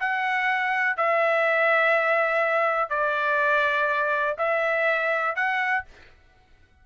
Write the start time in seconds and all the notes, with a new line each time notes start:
0.00 F#5
0.97 E5
2.89 D5
4.38 E5
5.35 F#5